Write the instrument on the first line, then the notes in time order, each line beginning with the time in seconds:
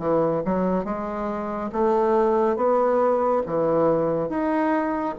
bassoon
0.00 E3
0.45 F#3
0.85 G#3
1.73 A3
2.57 B3
3.47 E3
4.29 D#4